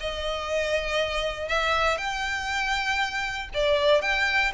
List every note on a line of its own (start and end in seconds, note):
0.00 1.49 D#5
1.49 1.98 E5
1.98 3.49 G5
3.54 4.02 D5
4.02 4.52 G5